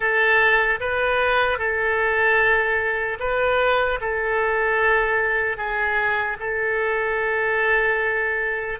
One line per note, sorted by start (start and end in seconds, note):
0.00 0.79 A4
0.80 1.58 B4
1.58 3.18 A4
3.19 3.99 B4
4.00 5.57 A4
5.57 6.37 G#4
6.39 8.79 A4